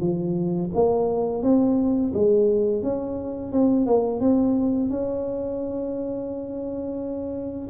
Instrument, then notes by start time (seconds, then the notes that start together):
tuba
0.00 F3
0.74 A#3
1.43 C4
2.14 G#3
2.83 C#4
3.52 C4
3.86 A#3
4.21 C4
4.90 C#4